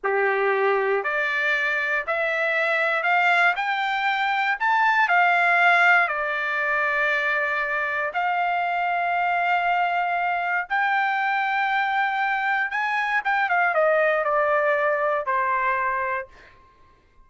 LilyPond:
\new Staff \with { instrumentName = "trumpet" } { \time 4/4 \tempo 4 = 118 g'2 d''2 | e''2 f''4 g''4~ | g''4 a''4 f''2 | d''1 |
f''1~ | f''4 g''2.~ | g''4 gis''4 g''8 f''8 dis''4 | d''2 c''2 | }